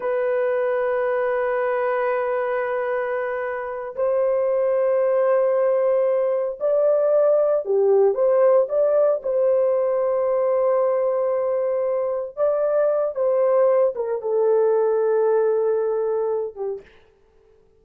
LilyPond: \new Staff \with { instrumentName = "horn" } { \time 4/4 \tempo 4 = 114 b'1~ | b'2.~ b'8 c''8~ | c''1~ | c''8 d''2 g'4 c''8~ |
c''8 d''4 c''2~ c''8~ | c''2.~ c''8 d''8~ | d''4 c''4. ais'8 a'4~ | a'2.~ a'8 g'8 | }